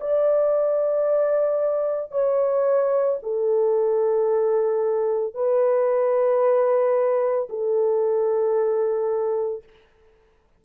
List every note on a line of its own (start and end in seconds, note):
0.00 2.11 D5
2.11 3.19 C#5
3.22 5.34 A4
5.34 7.48 B4
7.49 9.63 A4